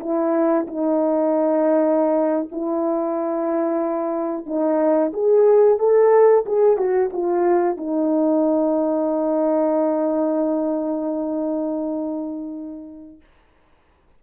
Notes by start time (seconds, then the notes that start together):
0.00 E4
0.67 D#4
2.51 E4
4.46 D#4
5.13 G#4
5.79 A4
6.46 G#4
6.77 F#4
7.13 F4
7.77 D#4